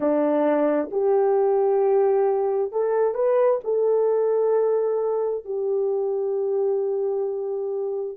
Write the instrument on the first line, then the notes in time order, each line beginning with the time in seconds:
horn
0.00 D4
0.91 G4
2.71 A4
3.14 B4
3.64 A4
5.45 G4